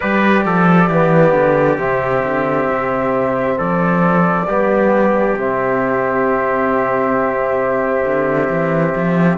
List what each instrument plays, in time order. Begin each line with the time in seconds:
0.00 cello G3, trombone G4, trumpet B4, flute D5
0.45 cello F3, trumpet A4
0.87 cello E3, trombone B3, trumpet G4
1.33 cello D3
1.77 cello C3, trombone C4, flute E5
2.23 cello D3
2.69 cello C3
3.57 cello F3, trumpet A4, flute D5
4.47 cello G3, trombone B3, trumpet G4
5.35 cello C3, trombone C4, flute E5
8.04 cello D3
8.49 cello E3
8.95 cello F3